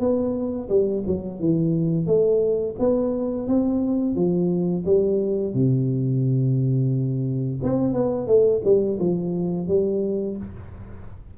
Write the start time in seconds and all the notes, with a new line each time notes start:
0.00 B3
0.69 G3
1.07 F#3
1.40 E3
2.07 A3
2.79 B3
3.48 C4
4.16 F3
4.86 G3
5.54 C3
7.64 C4
7.94 B3
8.27 A3
8.65 G3
9.00 F3
9.68 G3